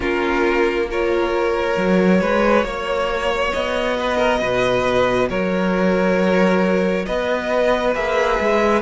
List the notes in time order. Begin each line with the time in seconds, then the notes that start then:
0.00 A#3 C#4 F4 A#4
0.90 F4 A#4 C#5
1.77 F#3 F#4
2.21 G#3 B4
2.63 A#3 C#5
3.52 B3 D#5
3.98 B4
4.17 A#4
4.40 B2 B4
5.29 F#3 A#4 C#5
7.05 B3 B4 D#5
7.94 A#3 G#4 E5
8.39 G#3